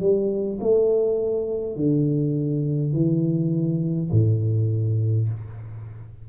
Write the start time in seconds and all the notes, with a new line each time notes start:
0.00 G3
0.60 A3
1.76 D3
2.93 E3
4.12 A2